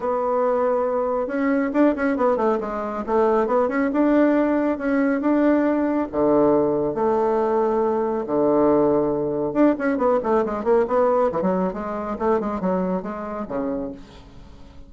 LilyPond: \new Staff \with { instrumentName = "bassoon" } { \time 4/4 \tempo 4 = 138 b2. cis'4 | d'8 cis'8 b8 a8 gis4 a4 | b8 cis'8 d'2 cis'4 | d'2 d2 |
a2. d4~ | d2 d'8 cis'8 b8 a8 | gis8 ais8 b4 e16 fis8. gis4 | a8 gis8 fis4 gis4 cis4 | }